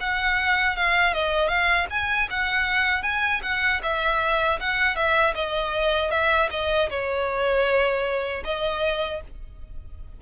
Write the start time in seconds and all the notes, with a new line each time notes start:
0.00 F#5
0.77 F5
1.13 D#5
1.48 F5
1.90 G#5
2.30 F#5
3.03 G#5
3.43 F#5
3.83 E5
4.60 F#5
4.96 E5
5.35 D#5
6.11 E5
6.51 D#5
6.90 C#5
8.44 D#5